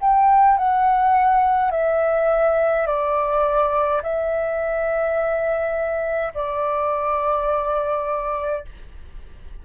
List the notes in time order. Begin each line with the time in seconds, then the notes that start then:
0.00 G5
0.57 F#5
1.71 E5
2.86 D5
4.02 E5
6.34 D5